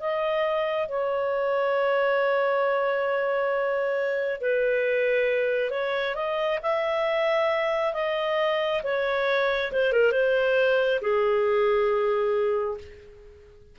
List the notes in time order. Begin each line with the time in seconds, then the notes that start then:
0.00 D#5
0.89 C#5
4.40 B4
5.70 C#5
6.15 D#5
6.62 E5
7.94 D#5
8.83 C#5
9.72 C5
9.92 A#4
10.11 C5
11.01 G#4